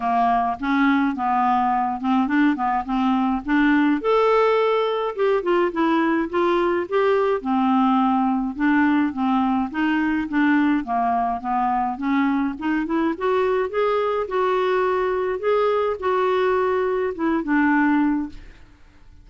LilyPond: \new Staff \with { instrumentName = "clarinet" } { \time 4/4 \tempo 4 = 105 ais4 cis'4 b4. c'8 | d'8 b8 c'4 d'4 a'4~ | a'4 g'8 f'8 e'4 f'4 | g'4 c'2 d'4 |
c'4 dis'4 d'4 ais4 | b4 cis'4 dis'8 e'8 fis'4 | gis'4 fis'2 gis'4 | fis'2 e'8 d'4. | }